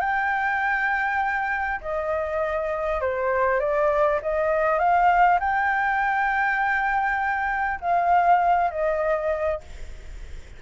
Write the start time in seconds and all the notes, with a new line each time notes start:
0.00 G5
1.81 D#5
3.01 C5
3.60 D5
4.22 D#5
4.79 F5
5.40 G5
7.81 F5
8.71 D#5